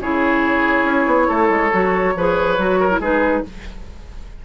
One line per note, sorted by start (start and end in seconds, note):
0.00 0.84 C#3
0.00 1.71 E4
0.00 1.28 G#4
0.00 3.01 C#5
0.84 1.05 C#4
1.06 1.27 B3
1.28 1.49 A3
1.28 2.14 A4
1.49 1.71 G#3
1.71 2.15 F#3
1.71 2.14 F#4
2.15 2.58 F3
2.15 2.57 G#4
2.15 2.80 B4
2.57 2.99 F#3
2.57 2.90 F#4
2.80 3.00 A#4
2.90 3.01 E4
2.99 3.42 G#3
2.99 3.44 D#4
2.99 3.43 G#4
2.99 3.45 B4